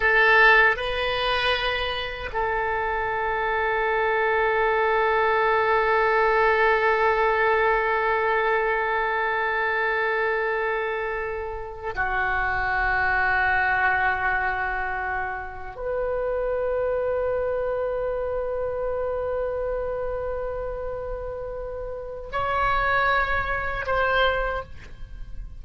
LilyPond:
\new Staff \with { instrumentName = "oboe" } { \time 4/4 \tempo 4 = 78 a'4 b'2 a'4~ | a'1~ | a'1~ | a'2.~ a'8 fis'8~ |
fis'1~ | fis'8 b'2.~ b'8~ | b'1~ | b'4 cis''2 c''4 | }